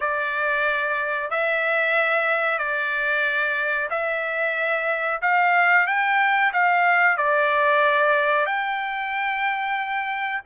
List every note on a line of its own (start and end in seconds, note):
0.00 1.30 D5
1.30 2.58 E5
2.58 3.88 D5
3.90 5.20 E5
5.21 5.87 F5
5.87 6.52 G5
6.52 7.17 F5
7.17 8.45 D5
8.45 10.41 G5